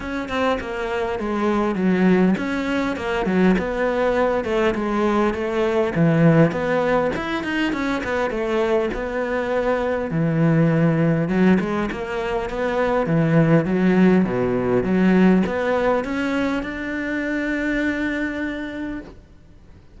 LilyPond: \new Staff \with { instrumentName = "cello" } { \time 4/4 \tempo 4 = 101 cis'8 c'8 ais4 gis4 fis4 | cis'4 ais8 fis8 b4. a8 | gis4 a4 e4 b4 | e'8 dis'8 cis'8 b8 a4 b4~ |
b4 e2 fis8 gis8 | ais4 b4 e4 fis4 | b,4 fis4 b4 cis'4 | d'1 | }